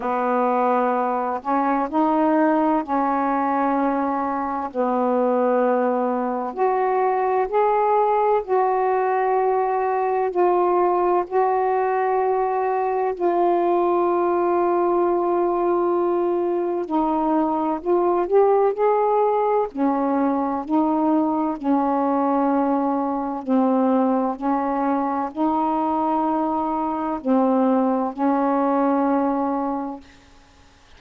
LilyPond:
\new Staff \with { instrumentName = "saxophone" } { \time 4/4 \tempo 4 = 64 b4. cis'8 dis'4 cis'4~ | cis'4 b2 fis'4 | gis'4 fis'2 f'4 | fis'2 f'2~ |
f'2 dis'4 f'8 g'8 | gis'4 cis'4 dis'4 cis'4~ | cis'4 c'4 cis'4 dis'4~ | dis'4 c'4 cis'2 | }